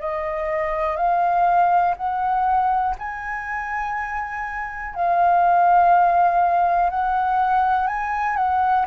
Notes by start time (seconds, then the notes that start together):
0.00 D#5
0.97 F5
1.97 F#5
2.99 G#5
4.95 F5
6.90 F#5
7.88 G#5
8.37 F#5